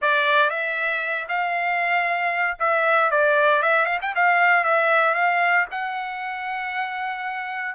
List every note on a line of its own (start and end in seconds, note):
0.01 0.50 D5
0.50 1.27 E5
1.28 2.57 F5
2.59 3.10 E5
3.10 3.62 D5
3.62 3.85 E5
3.85 3.98 F5
4.01 4.14 G5
4.15 4.63 F5
4.63 5.14 E5
5.14 5.66 F5
5.71 7.75 F#5